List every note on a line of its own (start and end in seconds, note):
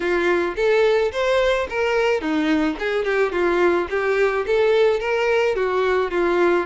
0.00 0.55 F4
0.56 1.11 A4
1.12 1.67 C5
1.69 2.21 A#4
2.21 2.76 D#4
2.79 3.05 G#4
3.05 3.32 G4
3.32 3.87 F4
3.89 4.45 G4
4.46 5.00 A4
5.00 5.55 A#4
5.55 6.11 F#4
6.11 6.66 F4